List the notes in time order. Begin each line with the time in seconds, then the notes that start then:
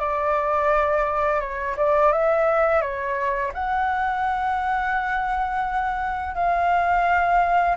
0.00 D5
1.41 C#5
1.77 D5
2.13 E5
2.81 C#5
3.54 F#5
6.35 F5